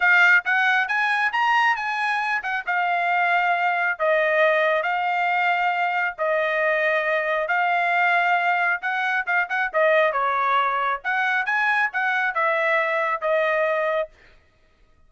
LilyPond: \new Staff \with { instrumentName = "trumpet" } { \time 4/4 \tempo 4 = 136 f''4 fis''4 gis''4 ais''4 | gis''4. fis''8 f''2~ | f''4 dis''2 f''4~ | f''2 dis''2~ |
dis''4 f''2. | fis''4 f''8 fis''8 dis''4 cis''4~ | cis''4 fis''4 gis''4 fis''4 | e''2 dis''2 | }